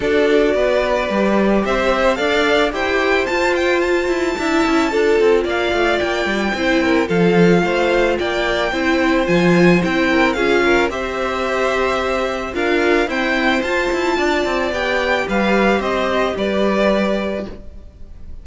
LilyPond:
<<
  \new Staff \with { instrumentName = "violin" } { \time 4/4 \tempo 4 = 110 d''2. e''4 | f''4 g''4 a''8 g''8 a''4~ | a''2 f''4 g''4~ | g''4 f''2 g''4~ |
g''4 gis''4 g''4 f''4 | e''2. f''4 | g''4 a''2 g''4 | f''4 dis''4 d''2 | }
  \new Staff \with { instrumentName = "violin" } { \time 4/4 a'4 b'2 c''4 | d''4 c''2. | e''4 a'4 d''2 | c''8 ais'8 a'4 c''4 d''4 |
c''2~ c''8 ais'8 gis'8 ais'8 | c''2. ais'4 | c''2 d''2 | b'4 c''4 b'2 | }
  \new Staff \with { instrumentName = "viola" } { \time 4/4 fis'2 g'2 | a'4 g'4 f'2 | e'4 f'2. | e'4 f'2. |
e'4 f'4 e'4 f'4 | g'2. f'4 | c'4 f'2 g'4~ | g'1 | }
  \new Staff \with { instrumentName = "cello" } { \time 4/4 d'4 b4 g4 c'4 | d'4 e'4 f'4. e'8 | d'8 cis'8 d'8 c'8 ais8 a8 ais8 g8 | c'4 f4 a4 ais4 |
c'4 f4 c'4 cis'4 | c'2. d'4 | e'4 f'8 e'8 d'8 c'8 b4 | g4 c'4 g2 | }
>>